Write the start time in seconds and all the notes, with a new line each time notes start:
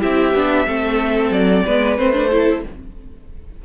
0.00 C4 E4 G4 E5
0.34 B3 D4
0.67 A3 C4 A4
1.31 F#3 D5
1.65 G#3 B3 B4
1.98 A3 C4 C5
2.13 D4
2.29 E4 A4